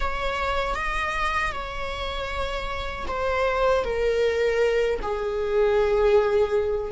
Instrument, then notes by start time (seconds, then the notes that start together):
viola
0.00 C#5
0.74 D#5
1.52 C#5
3.07 C5
3.84 A#4
5.01 G#4